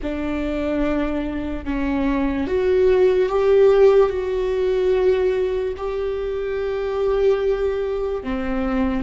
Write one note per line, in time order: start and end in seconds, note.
0.02 1.64 D4
1.64 2.47 C#4
2.47 3.29 F#4
3.29 4.09 G4
4.09 5.73 F#4
5.77 8.23 G4
8.23 9.02 C4